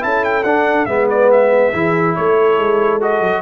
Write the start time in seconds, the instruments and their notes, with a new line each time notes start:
0.00 tuba C#4, trombone E4, horn A4, trumpet A5
0.24 trumpet G5
0.43 tuba D4, trombone D4, trumpet F#5
0.85 tuba G#3, trombone B3, horn B4, trumpet E5
1.10 trumpet D5
1.31 trumpet E5
1.73 tuba E3, trombone E4, horn G#4
2.15 tuba A3, horn A4, trumpet C#5
2.58 tuba G#3
3.00 trombone F#4, trumpet D#5
3.20 tuba F#3